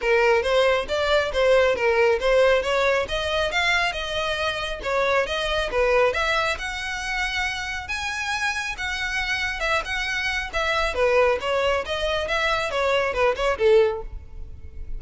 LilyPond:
\new Staff \with { instrumentName = "violin" } { \time 4/4 \tempo 4 = 137 ais'4 c''4 d''4 c''4 | ais'4 c''4 cis''4 dis''4 | f''4 dis''2 cis''4 | dis''4 b'4 e''4 fis''4~ |
fis''2 gis''2 | fis''2 e''8 fis''4. | e''4 b'4 cis''4 dis''4 | e''4 cis''4 b'8 cis''8 a'4 | }